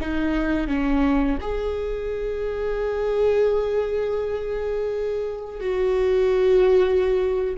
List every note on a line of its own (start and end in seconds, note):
0.00 0.67 D#4
0.67 1.38 C#4
1.41 5.60 G#4
5.60 7.54 F#4